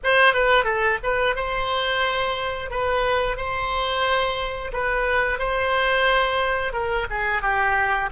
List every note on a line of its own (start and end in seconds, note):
0.03 0.33 C5
0.33 0.64 B4
0.64 0.98 A4
1.03 1.35 B4
1.35 2.70 C5
2.70 3.36 B4
3.36 4.71 C5
4.72 5.38 B4
5.38 6.72 C5
6.72 7.06 A#4
7.10 7.42 G#4
7.42 8.09 G4